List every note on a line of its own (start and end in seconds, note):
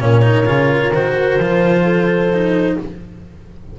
0.00 0.46 A#2
0.00 0.22 C#4
0.00 1.84 A#4
0.00 0.93 C#5
0.22 0.45 D#4
0.46 0.92 C#3
0.46 0.92 F4
0.93 1.39 D#3
0.93 1.41 F#4
0.93 2.78 C5
1.39 2.77 F3
1.39 2.33 F4
1.84 2.76 A4
2.33 2.79 D#4